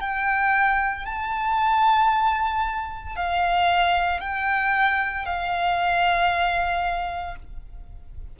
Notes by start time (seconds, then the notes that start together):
0.00 G5
1.05 A5
3.16 F5
4.20 G5
5.25 F5